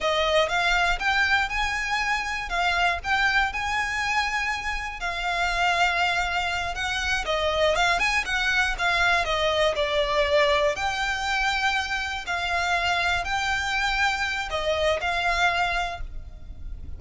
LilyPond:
\new Staff \with { instrumentName = "violin" } { \time 4/4 \tempo 4 = 120 dis''4 f''4 g''4 gis''4~ | gis''4 f''4 g''4 gis''4~ | gis''2 f''2~ | f''4. fis''4 dis''4 f''8 |
gis''8 fis''4 f''4 dis''4 d''8~ | d''4. g''2~ g''8~ | g''8 f''2 g''4.~ | g''4 dis''4 f''2 | }